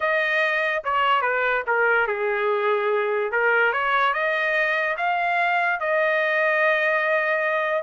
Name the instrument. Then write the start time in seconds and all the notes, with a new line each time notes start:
trumpet
0.00 D#5
0.84 C#5
1.21 B4
1.66 A#4
2.07 G#4
3.31 A#4
3.72 C#5
4.13 D#5
4.97 F5
5.80 D#5